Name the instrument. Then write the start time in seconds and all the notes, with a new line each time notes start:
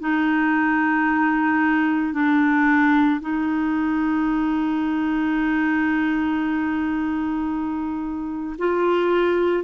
clarinet
0.00 D#4
2.14 D4
3.21 D#4
8.59 F4